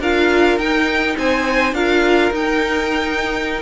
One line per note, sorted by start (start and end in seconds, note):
0.00 0.58 D4
0.00 0.60 F4
0.00 1.17 A#4
0.00 0.59 F5
0.58 1.16 D#4
0.58 1.75 D#4
0.58 1.17 G5
1.18 1.73 C4
1.18 1.75 C5
1.18 1.74 G#5
1.73 2.31 D4
1.73 2.33 F4
1.73 3.62 A#4
1.73 2.32 F5
2.32 3.62 D#4
2.32 3.62 G5